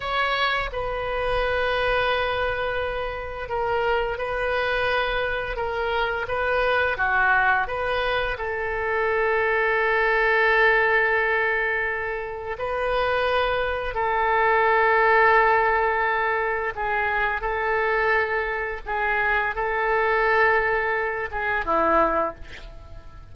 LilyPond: \new Staff \with { instrumentName = "oboe" } { \time 4/4 \tempo 4 = 86 cis''4 b'2.~ | b'4 ais'4 b'2 | ais'4 b'4 fis'4 b'4 | a'1~ |
a'2 b'2 | a'1 | gis'4 a'2 gis'4 | a'2~ a'8 gis'8 e'4 | }